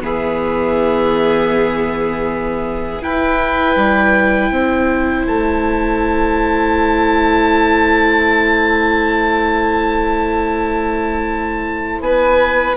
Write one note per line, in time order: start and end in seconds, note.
0.00 3.01 E3
0.00 3.00 B3
0.00 3.03 G#4
0.00 3.02 E5
3.01 12.76 E4
3.01 3.76 E4
3.01 4.53 B4
3.01 5.27 G5
3.76 4.50 G3
4.50 5.25 C4
4.50 12.03 C5
5.26 12.00 A3
5.26 12.02 A5
12.00 12.75 B3
12.00 12.76 B4
12.00 12.76 G#5